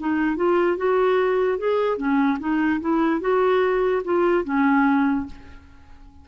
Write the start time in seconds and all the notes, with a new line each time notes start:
0.00 D#4
0.36 F4
0.77 F#4
1.58 G#4
1.98 C#4
2.40 D#4
2.81 E4
3.21 F#4
4.04 F4
4.45 C#4